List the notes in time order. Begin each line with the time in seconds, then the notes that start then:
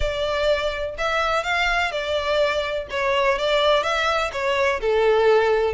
0.00 D5
0.98 E5
1.43 F5
1.91 D5
2.90 C#5
3.38 D5
3.83 E5
4.32 C#5
4.80 A4